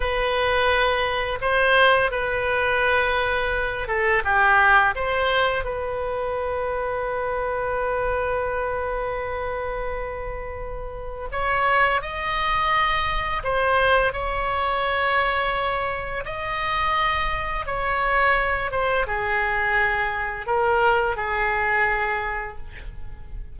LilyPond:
\new Staff \with { instrumentName = "oboe" } { \time 4/4 \tempo 4 = 85 b'2 c''4 b'4~ | b'4. a'8 g'4 c''4 | b'1~ | b'1 |
cis''4 dis''2 c''4 | cis''2. dis''4~ | dis''4 cis''4. c''8 gis'4~ | gis'4 ais'4 gis'2 | }